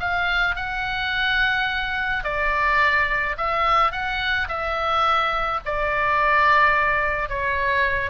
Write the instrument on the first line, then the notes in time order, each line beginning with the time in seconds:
oboe
0.00 F5
0.56 F#5
2.24 D5
3.37 E5
3.92 F#5
4.48 E5
5.65 D5
7.29 C#5